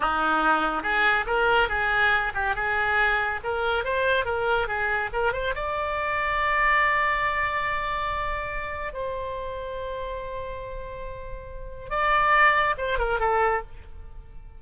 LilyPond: \new Staff \with { instrumentName = "oboe" } { \time 4/4 \tempo 4 = 141 dis'2 gis'4 ais'4 | gis'4. g'8 gis'2 | ais'4 c''4 ais'4 gis'4 | ais'8 c''8 d''2.~ |
d''1~ | d''4 c''2.~ | c''1 | d''2 c''8 ais'8 a'4 | }